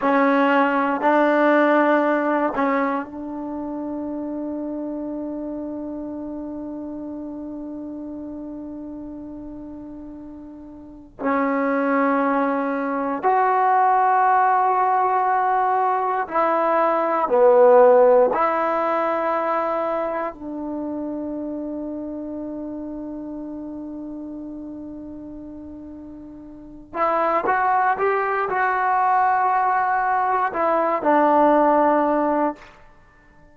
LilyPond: \new Staff \with { instrumentName = "trombone" } { \time 4/4 \tempo 4 = 59 cis'4 d'4. cis'8 d'4~ | d'1~ | d'2. cis'4~ | cis'4 fis'2. |
e'4 b4 e'2 | d'1~ | d'2~ d'8 e'8 fis'8 g'8 | fis'2 e'8 d'4. | }